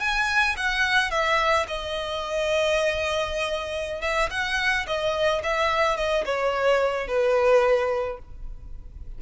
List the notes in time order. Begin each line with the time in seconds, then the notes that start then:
0.00 G#5
0.57 F#5
1.11 E5
1.68 D#5
4.01 E5
4.31 F#5
4.87 D#5
5.43 E5
5.97 D#5
6.26 C#5
7.08 B4